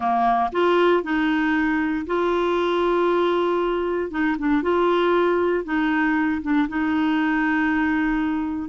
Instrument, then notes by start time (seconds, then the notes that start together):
clarinet
0.00 A#3
0.52 F4
1.03 D#4
2.06 F4
4.10 D#4
4.38 D4
4.62 F4
5.64 D#4
6.42 D4
6.68 D#4